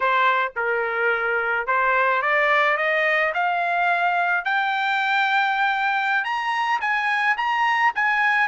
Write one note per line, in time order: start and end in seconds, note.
0.00 0.52 C5
0.56 1.67 A#4
1.67 2.21 C5
2.21 2.77 D5
2.77 3.32 D#5
3.34 4.44 F5
4.44 6.24 G5
6.24 6.79 A#5
6.81 7.36 G#5
7.37 7.92 A#5
7.95 8.47 G#5